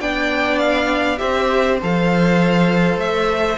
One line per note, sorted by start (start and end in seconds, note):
0.00 1.20 B3
0.00 1.18 D4
0.00 1.19 D5
0.00 0.59 G5
0.59 1.18 F5
1.18 1.82 C4
1.18 1.78 G4
1.18 3.58 C5
1.18 1.78 E5
1.82 2.97 F3
1.82 3.58 A4
1.82 2.99 F5
2.97 3.57 A3
2.97 3.58 E5